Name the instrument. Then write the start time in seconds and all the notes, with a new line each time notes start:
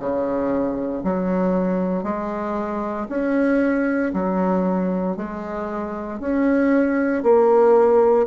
bassoon
0.00 C#3
1.04 F#3
2.04 G#3
3.09 C#4
4.14 F#3
5.17 G#3
6.20 C#4
7.24 A#3